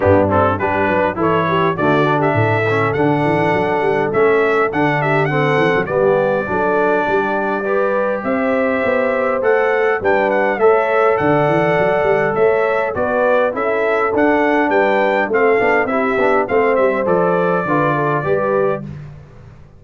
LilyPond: <<
  \new Staff \with { instrumentName = "trumpet" } { \time 4/4 \tempo 4 = 102 g'8 a'8 b'4 cis''4 d''8. e''16~ | e''4 fis''2 e''4 | fis''8 e''8 fis''4 d''2~ | d''2 e''2 |
fis''4 g''8 fis''8 e''4 fis''4~ | fis''4 e''4 d''4 e''4 | fis''4 g''4 f''4 e''4 | f''8 e''8 d''2. | }
  \new Staff \with { instrumentName = "horn" } { \time 4/4 d'4 g'8 b'8 a'8 g'8 fis'8. g'16 | a'1~ | a'8 g'8 a'4 g'4 a'4 | g'4 b'4 c''2~ |
c''4 b'4 cis''4 d''4~ | d''4 cis''4 b'4 a'4~ | a'4 b'4 a'4 g'4 | c''2 b'8 a'8 b'4 | }
  \new Staff \with { instrumentName = "trombone" } { \time 4/4 b8 c'8 d'4 e'4 a8 d'8~ | d'8 cis'8 d'2 cis'4 | d'4 c'4 b4 d'4~ | d'4 g'2. |
a'4 d'4 a'2~ | a'2 fis'4 e'4 | d'2 c'8 d'8 e'8 d'8 | c'4 a'4 f'4 g'4 | }
  \new Staff \with { instrumentName = "tuba" } { \time 4/4 g,4 g8 fis8 e4 d4 | a,4 d8 e8 fis8 g8 a4 | d4. e16 fis16 g4 fis4 | g2 c'4 b4 |
a4 g4 a4 d8 e8 | fis8 g8 a4 b4 cis'4 | d'4 g4 a8 b8 c'8 b8 | a8 g8 f4 d4 g4 | }
>>